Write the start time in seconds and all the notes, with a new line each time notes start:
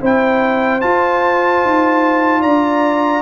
0.00 C4 E4 C5 G5
0.81 F4 A5
1.65 D#4
2.41 D4 D5 A#5